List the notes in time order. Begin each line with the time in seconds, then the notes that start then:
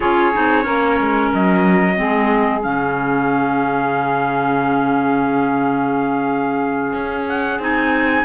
0.00 C#4 F4 G#4 C#5
0.33 C4 D#4
0.62 A#3 C#4 A#4
1.00 G#3
1.34 F#3 D#5
1.95 G#3 C4 G#4
2.62 C#3 C#4 F5
6.93 C#4
7.28 F#5
7.59 C4 D#4 G#5